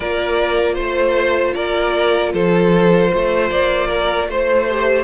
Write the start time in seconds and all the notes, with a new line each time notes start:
0.00 A#3 F4 A#4 D5
0.74 A3 C5
0.81 C5
1.54 A#3 A#4 D5
2.33 F3 A4 C5
3.09 A3 C5
3.50 A#3 D5
3.88 A#4
4.27 A3 C5
4.69 G4